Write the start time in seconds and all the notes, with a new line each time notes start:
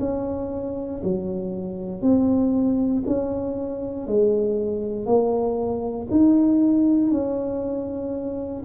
0.00 C#4
1.04 F#3
2.02 C4
3.07 C#4
4.07 G#3
5.06 A#3
6.11 D#4
7.11 C#4